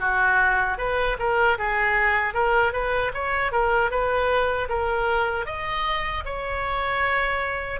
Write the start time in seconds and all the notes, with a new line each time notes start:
0.00 F#4
0.78 B4
1.19 A#4
1.58 G#4
2.34 A#4
2.73 B4
3.14 C#5
3.52 A#4
3.90 B4
4.69 A#4
5.46 D#5
6.25 C#5